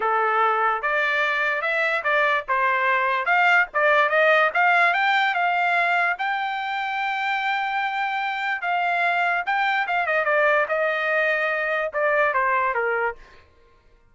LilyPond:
\new Staff \with { instrumentName = "trumpet" } { \time 4/4 \tempo 4 = 146 a'2 d''2 | e''4 d''4 c''2 | f''4 d''4 dis''4 f''4 | g''4 f''2 g''4~ |
g''1~ | g''4 f''2 g''4 | f''8 dis''8 d''4 dis''2~ | dis''4 d''4 c''4 ais'4 | }